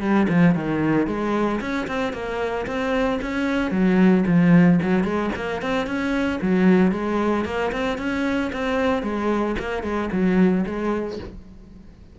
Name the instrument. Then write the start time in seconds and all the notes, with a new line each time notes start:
cello
0.00 G3
0.28 F3
0.55 D#3
1.07 G#3
1.60 C#4
1.87 C4
2.13 A#3
2.66 C4
3.21 C#4
3.71 F#3
4.26 F3
4.82 F#3
5.03 G#3
5.35 A#3
5.62 C4
5.86 C#4
6.41 F#3
6.91 G#3
7.45 A#3
7.72 C4
7.98 C#4
8.52 C4
9.02 G#3
9.59 A#3
9.83 G#3
10.12 F#3
10.66 G#3